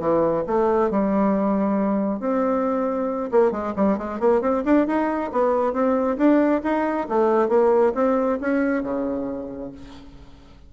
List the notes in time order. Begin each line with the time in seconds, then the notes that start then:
0.00 E3
0.47 A3
0.91 G3
2.20 C4
3.32 A#3
3.52 G#3
3.76 G3
3.98 G#3
4.20 A#3
4.42 C4
4.65 D4
4.87 D#4
5.32 B3
5.73 C4
6.17 D4
6.64 D#4
7.09 A3
7.49 A#3
7.95 C4
8.41 C#4
8.83 C#3